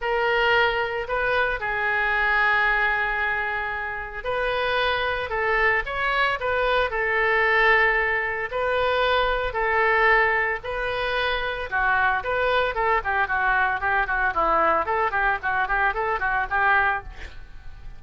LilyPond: \new Staff \with { instrumentName = "oboe" } { \time 4/4 \tempo 4 = 113 ais'2 b'4 gis'4~ | gis'1 | b'2 a'4 cis''4 | b'4 a'2. |
b'2 a'2 | b'2 fis'4 b'4 | a'8 g'8 fis'4 g'8 fis'8 e'4 | a'8 g'8 fis'8 g'8 a'8 fis'8 g'4 | }